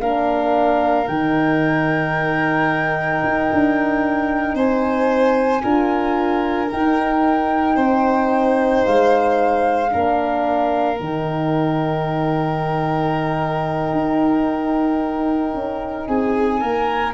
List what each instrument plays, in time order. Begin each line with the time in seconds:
0.00 tuba A#3, horn D4, violin A#4, flute F5
1.08 tuba D#3, horn D#4, flute G5
3.23 tuba D#4
3.52 tuba D4
4.54 tuba C4, violin C5, flute G#5
5.62 tuba D4, horn F4, violin A#4
6.71 horn D#4, tuba D#4, flute G5
7.75 tuba C4, violin C5
8.85 tuba G#3, flute F5
9.90 tuba A#3, horn D4, violin A#4
10.98 tuba D#3, horn D#4, flute G5
13.93 tuba D#4
15.54 tuba C#4
16.06 tuba C4, violin G#4, flute G#5
16.61 tuba A#3, violin A#4